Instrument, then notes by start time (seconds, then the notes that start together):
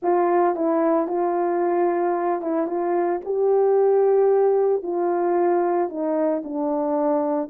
horn
0.02 F4
0.55 E4
1.07 F4
2.41 E4
2.66 F4
3.24 G4
4.82 F4
5.89 D#4
6.44 D4